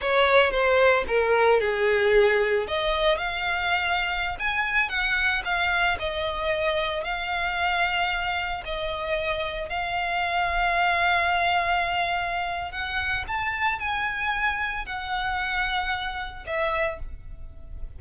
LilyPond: \new Staff \with { instrumentName = "violin" } { \time 4/4 \tempo 4 = 113 cis''4 c''4 ais'4 gis'4~ | gis'4 dis''4 f''2~ | f''16 gis''4 fis''4 f''4 dis''8.~ | dis''4~ dis''16 f''2~ f''8.~ |
f''16 dis''2 f''4.~ f''16~ | f''1 | fis''4 a''4 gis''2 | fis''2. e''4 | }